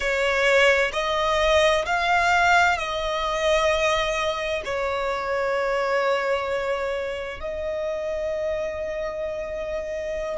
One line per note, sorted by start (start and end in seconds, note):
0.00 0.91 C#5
0.92 1.85 D#5
1.85 2.77 F5
2.77 4.62 D#5
4.64 7.40 C#5
7.40 10.38 D#5